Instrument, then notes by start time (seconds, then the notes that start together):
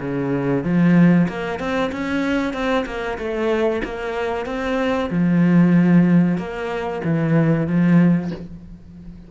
cello
0.00 C#3
0.64 F3
1.28 A#3
1.59 C4
1.92 C#4
2.53 C4
2.86 A#3
3.18 A3
3.84 A#3
4.46 C4
5.10 F3
6.38 A#3
7.04 E3
7.67 F3